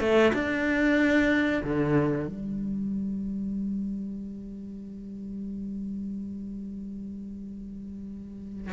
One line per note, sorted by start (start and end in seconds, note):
0.00 0.32 A3
0.33 1.62 D4
1.64 2.28 D3
2.28 8.73 G3